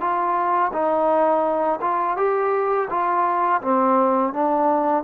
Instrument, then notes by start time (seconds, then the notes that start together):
trombone
0.00 F4
0.72 D#4
1.81 F4
2.17 G4
2.90 F4
3.61 C4
4.33 D4